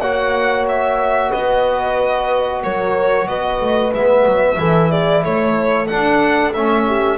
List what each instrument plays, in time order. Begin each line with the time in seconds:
0.00 double bass A#3, trombone F#4, horn C#5, violin F#5
0.68 violin E5
1.31 double bass B3, horn B4, violin D#5
2.62 double bass F#3, horn A#4, violin C#5
3.27 double bass B3, horn B4, violin D#5
3.60 double bass A3
3.93 double bass G#3, trombone B3, violin E5
4.25 double bass F#3
4.56 double bass E3, trombone E4, horn A4
4.90 horn G#4, violin D5
5.23 double bass A3, horn A4, violin C#5
5.87 trombone D4, double bass D4, violin F#5
6.53 double bass A3, trombone C#4, violin E5
6.87 horn G4